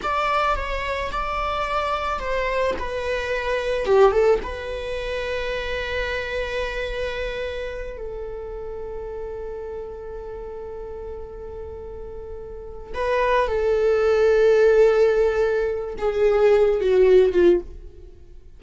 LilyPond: \new Staff \with { instrumentName = "viola" } { \time 4/4 \tempo 4 = 109 d''4 cis''4 d''2 | c''4 b'2 g'8 a'8 | b'1~ | b'2~ b'8 a'4.~ |
a'1~ | a'2.~ a'8 b'8~ | b'8 a'2.~ a'8~ | a'4 gis'4. fis'4 f'8 | }